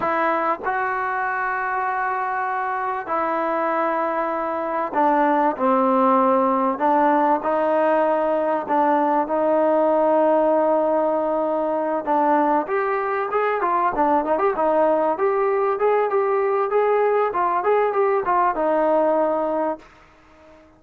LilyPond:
\new Staff \with { instrumentName = "trombone" } { \time 4/4 \tempo 4 = 97 e'4 fis'2.~ | fis'4 e'2. | d'4 c'2 d'4 | dis'2 d'4 dis'4~ |
dis'2.~ dis'8 d'8~ | d'8 g'4 gis'8 f'8 d'8 dis'16 g'16 dis'8~ | dis'8 g'4 gis'8 g'4 gis'4 | f'8 gis'8 g'8 f'8 dis'2 | }